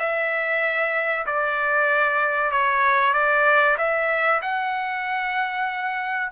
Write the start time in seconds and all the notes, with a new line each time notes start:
0.00 E5
1.27 D5
2.52 C#5
3.14 D5
3.78 E5
4.42 F#5